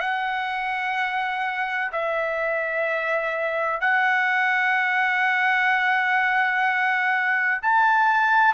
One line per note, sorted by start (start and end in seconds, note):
0.00 1.90 F#5
1.92 3.81 E5
3.81 7.61 F#5
7.62 8.54 A5